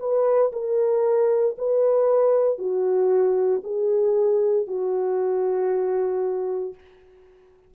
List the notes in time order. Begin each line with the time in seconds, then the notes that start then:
0.00 B4
0.53 A#4
1.58 B4
2.59 F#4
3.64 G#4
4.67 F#4